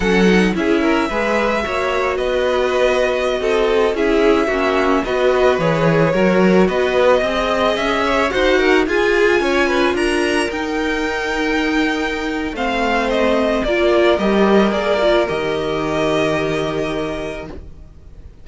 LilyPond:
<<
  \new Staff \with { instrumentName = "violin" } { \time 4/4 \tempo 4 = 110 fis''4 e''2. | dis''2.~ dis''16 e''8.~ | e''4~ e''16 dis''4 cis''4.~ cis''16~ | cis''16 dis''2 e''4 fis''8.~ |
fis''16 gis''2 ais''4 g''8.~ | g''2. f''4 | dis''4 d''4 dis''4 d''4 | dis''1 | }
  \new Staff \with { instrumentName = "violin" } { \time 4/4 a'4 gis'8 ais'8 b'4 cis''4 | b'2~ b'16 a'4 gis'8.~ | gis'16 fis'4 b'2 ais'8.~ | ais'16 b'4 dis''4. cis''8 c''8 ais'16~ |
ais'16 gis'4 cis''8 b'8 ais'4.~ ais'16~ | ais'2. c''4~ | c''4 ais'2.~ | ais'1 | }
  \new Staff \with { instrumentName = "viola" } { \time 4/4 cis'8 dis'8 e'4 gis'4 fis'4~ | fis'2.~ fis'16 e'8.~ | e'16 cis'4 fis'4 gis'4 fis'8.~ | fis'4~ fis'16 gis'2 fis'8.~ |
fis'16 f'2. dis'8.~ | dis'2. c'4~ | c'4 f'4 g'4 gis'8 f'8 | g'1 | }
  \new Staff \with { instrumentName = "cello" } { \time 4/4 fis4 cis'4 gis4 ais4 | b2~ b16 c'4 cis'8.~ | cis'16 ais4 b4 e4 fis8.~ | fis16 b4 c'4 cis'4 dis'8.~ |
dis'16 f'4 cis'4 d'4 dis'8.~ | dis'2. a4~ | a4 ais4 g4 ais4 | dis1 | }
>>